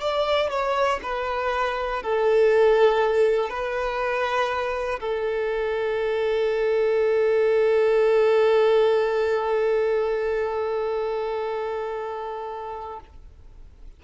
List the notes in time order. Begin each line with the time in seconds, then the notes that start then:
0.00 D5
0.50 C#5
1.02 B4
2.02 A4
3.50 B4
5.00 A4